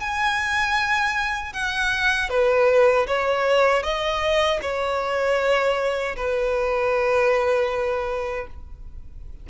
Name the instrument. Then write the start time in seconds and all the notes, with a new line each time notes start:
violin
0.00 G#5
1.53 F#5
2.29 B4
3.07 C#5
3.83 D#5
4.62 C#5
6.16 B4